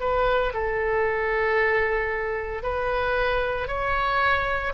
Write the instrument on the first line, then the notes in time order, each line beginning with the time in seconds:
oboe
0.00 B4
0.54 A4
2.63 B4
3.67 C#5